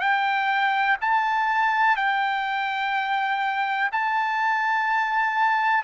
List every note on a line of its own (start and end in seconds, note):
0.00 0.97 G5
1.01 1.96 A5
1.96 3.90 G5
3.92 5.83 A5